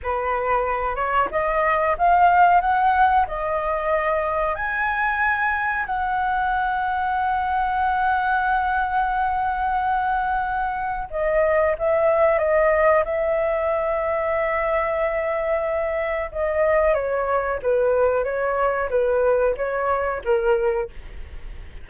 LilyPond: \new Staff \with { instrumentName = "flute" } { \time 4/4 \tempo 4 = 92 b'4. cis''8 dis''4 f''4 | fis''4 dis''2 gis''4~ | gis''4 fis''2.~ | fis''1~ |
fis''4 dis''4 e''4 dis''4 | e''1~ | e''4 dis''4 cis''4 b'4 | cis''4 b'4 cis''4 ais'4 | }